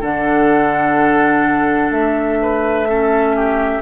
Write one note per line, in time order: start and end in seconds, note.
0.00 1.90 D3
0.00 2.87 D4
0.00 2.38 A4
0.00 1.91 F#5
1.90 3.81 A3
1.90 3.81 E5
2.41 2.88 B4
2.88 3.81 C#4
2.88 3.36 A4
3.36 3.81 G4